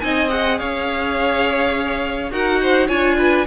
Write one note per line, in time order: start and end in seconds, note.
0.00 0.60 C4
0.00 0.29 D#4
0.00 0.59 D#5
0.00 0.29 G#5
0.29 2.31 G#4
0.29 0.58 F#5
0.58 2.31 C#4
0.58 2.32 C#5
0.58 2.31 F5
2.31 2.89 D#4
2.31 2.88 F#4
2.31 2.61 A#4
2.31 2.88 F#5
2.62 2.87 C5
2.87 3.47 D4
2.87 3.46 F4
2.87 3.16 C#5
2.87 3.46 G#5
3.18 3.47 B4